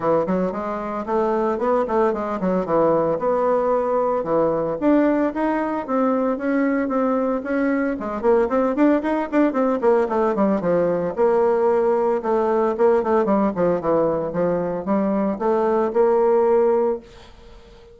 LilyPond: \new Staff \with { instrumentName = "bassoon" } { \time 4/4 \tempo 4 = 113 e8 fis8 gis4 a4 b8 a8 | gis8 fis8 e4 b2 | e4 d'4 dis'4 c'4 | cis'4 c'4 cis'4 gis8 ais8 |
c'8 d'8 dis'8 d'8 c'8 ais8 a8 g8 | f4 ais2 a4 | ais8 a8 g8 f8 e4 f4 | g4 a4 ais2 | }